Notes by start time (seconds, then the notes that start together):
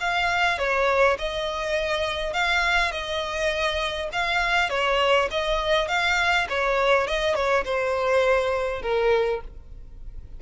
0.00 F5
0.58 C#5
1.18 D#5
2.33 F5
2.91 D#5
4.12 F5
4.70 C#5
5.31 D#5
5.88 F5
6.49 C#5
7.07 D#5
7.35 C#5
7.64 C5
8.82 A#4